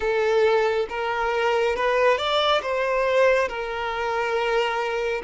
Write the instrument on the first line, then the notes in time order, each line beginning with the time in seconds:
violin
0.00 A4
0.89 A#4
1.75 B4
2.17 D5
2.62 C5
3.48 A#4